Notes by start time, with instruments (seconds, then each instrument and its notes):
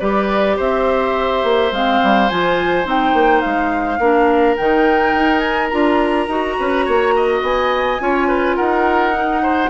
0.00 bassoon G3, clarinet G4, oboe B4, flute D5
0.57 bassoon C4, oboe C5, flute E5
1.44 bassoon A#3
1.72 bassoon G#3, clarinet C4, flute F5
2.04 bassoon G3
2.29 bassoon F3, clarinet F4, flute G#5
2.84 bassoon C4, clarinet D#4, flute G5
3.14 bassoon A#3
3.41 bassoon G#3, flute F5
3.99 bassoon A#3, clarinet D4, oboe A#4
4.57 bassoon D#3, clarinet D#4, flute G5
5.14 bassoon D#4
5.39 flute G#5
5.69 bassoon D4, clarinet F4, flute A#5
6.28 bassoon D#4, clarinet F#4
6.59 bassoon C#4, oboe B4
6.85 bassoon A#3, oboe C#5
7.16 oboe D#5
7.42 bassoon B3, flute G#5
8.00 bassoon C#4, clarinet F4, oboe C#5
8.28 oboe B4
8.56 bassoon D#4, oboe A#4, flute F#5
9.14 clarinet D#4
9.43 oboe C5